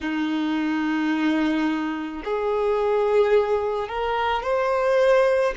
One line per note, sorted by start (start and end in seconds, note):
0.00 2.22 D#4
2.24 3.88 G#4
3.88 4.42 A#4
4.42 5.54 C5